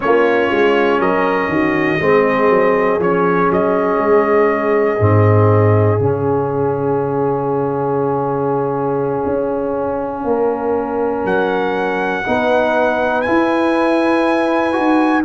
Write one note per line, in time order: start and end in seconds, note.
0.00 0.50 A#3
0.00 1.99 C#4
0.00 1.00 F4
0.00 1.00 C#5
0.50 0.99 G#3
0.99 1.48 F#3
0.99 1.50 A#4
0.99 3.00 D#5
1.48 1.98 D#3
1.48 2.01 F#4
2.00 2.49 G#3
2.00 3.00 C4
2.00 10.25 G#4
2.49 2.99 F#3
2.99 3.49 F3
2.99 4.99 C#4
2.99 3.51 C#5
3.50 3.98 F#3
3.50 6.01 D#5
3.98 4.98 G#3
4.99 5.99 G#2
4.99 5.99 C4
5.99 9.24 C#3
5.99 12.24 C#4
5.99 11.26 F5
9.26 10.24 C#4
10.24 11.24 A#3
10.24 12.25 A#4
11.24 12.24 F#3
11.24 13.21 F#5
12.25 13.27 B3
12.25 13.25 D#4
12.25 15.25 B4
13.21 14.72 E4
13.21 15.21 G#5
13.28 14.77 E4
14.72 15.25 D#4
14.72 15.22 F#4